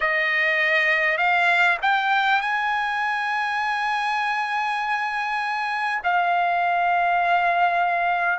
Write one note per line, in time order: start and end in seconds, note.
0.00 1.17 D#5
1.17 1.77 F5
1.82 2.41 G5
2.41 6.01 G#5
6.03 8.39 F5